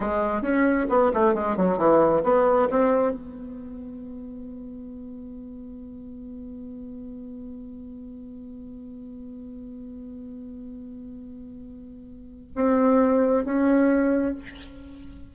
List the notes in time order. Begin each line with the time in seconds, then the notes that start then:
0.00 G#3
0.42 C#4
0.89 B3
1.13 A3
1.34 G#3
1.57 F#3
1.77 E3
2.23 B3
2.70 C4
3.11 B3
12.55 C4
13.45 C#4